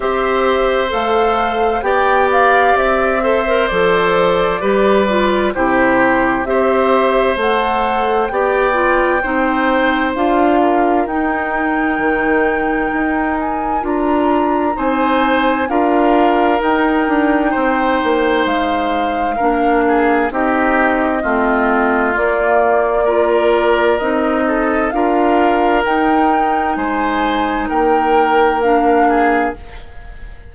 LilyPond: <<
  \new Staff \with { instrumentName = "flute" } { \time 4/4 \tempo 4 = 65 e''4 f''4 g''8 f''8 e''4 | d''2 c''4 e''4 | fis''4 g''2 f''4 | g''2~ g''8 gis''8 ais''4 |
gis''4 f''4 g''2 | f''2 dis''2 | d''2 dis''4 f''4 | g''4 gis''4 g''4 f''4 | }
  \new Staff \with { instrumentName = "oboe" } { \time 4/4 c''2 d''4. c''8~ | c''4 b'4 g'4 c''4~ | c''4 d''4 c''4. ais'8~ | ais'1 |
c''4 ais'2 c''4~ | c''4 ais'8 gis'8 g'4 f'4~ | f'4 ais'4. a'8 ais'4~ | ais'4 c''4 ais'4. gis'8 | }
  \new Staff \with { instrumentName = "clarinet" } { \time 4/4 g'4 a'4 g'4. a'16 ais'16 | a'4 g'8 f'8 e'4 g'4 | a'4 g'8 f'8 dis'4 f'4 | dis'2. f'4 |
dis'4 f'4 dis'2~ | dis'4 d'4 dis'4 c'4 | ais4 f'4 dis'4 f'4 | dis'2. d'4 | }
  \new Staff \with { instrumentName = "bassoon" } { \time 4/4 c'4 a4 b4 c'4 | f4 g4 c4 c'4 | a4 b4 c'4 d'4 | dis'4 dis4 dis'4 d'4 |
c'4 d'4 dis'8 d'8 c'8 ais8 | gis4 ais4 c'4 a4 | ais2 c'4 d'4 | dis'4 gis4 ais2 | }
>>